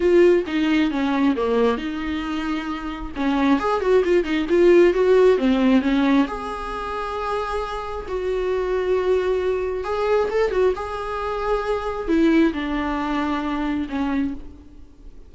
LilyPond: \new Staff \with { instrumentName = "viola" } { \time 4/4 \tempo 4 = 134 f'4 dis'4 cis'4 ais4 | dis'2. cis'4 | gis'8 fis'8 f'8 dis'8 f'4 fis'4 | c'4 cis'4 gis'2~ |
gis'2 fis'2~ | fis'2 gis'4 a'8 fis'8 | gis'2. e'4 | d'2. cis'4 | }